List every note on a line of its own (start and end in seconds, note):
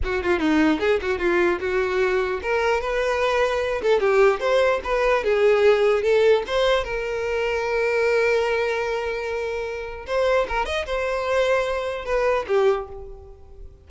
0.03 0.23 F#4
0.23 0.39 F4
0.39 0.79 D#4
0.79 1.00 G#4
1.01 1.18 F#4
1.18 1.59 F4
1.60 2.41 F#4
2.42 2.81 A#4
2.81 3.81 B4
3.82 4.00 A4
4.00 4.40 G4
4.40 4.80 C5
4.84 5.24 B4
5.24 6.02 G#4
6.02 6.43 A4
6.46 6.84 C5
6.84 10.06 A#4
10.06 10.46 C5
10.48 10.65 A#4
10.65 10.85 D#5
10.85 12.05 C5
12.05 12.45 B4
12.47 12.87 G4